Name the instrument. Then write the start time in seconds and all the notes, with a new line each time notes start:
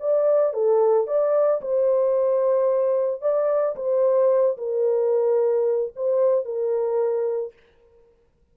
horn
0.00 D5
0.54 A4
1.07 D5
1.62 C5
3.22 D5
3.76 C5
4.58 A#4
5.96 C5
6.45 A#4